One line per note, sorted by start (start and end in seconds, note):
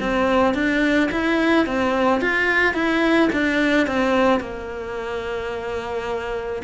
0.00 0.54 C4
0.54 1.10 D4
1.12 1.66 E4
1.66 2.21 C4
2.21 2.74 F4
2.74 3.29 E4
3.33 3.87 D4
3.87 4.40 C4
4.40 6.63 A#3